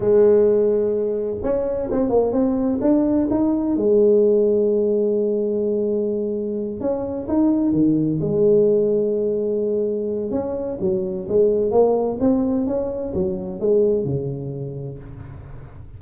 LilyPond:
\new Staff \with { instrumentName = "tuba" } { \time 4/4 \tempo 4 = 128 gis2. cis'4 | c'8 ais8 c'4 d'4 dis'4 | gis1~ | gis2~ gis8 cis'4 dis'8~ |
dis'8 dis4 gis2~ gis8~ | gis2 cis'4 fis4 | gis4 ais4 c'4 cis'4 | fis4 gis4 cis2 | }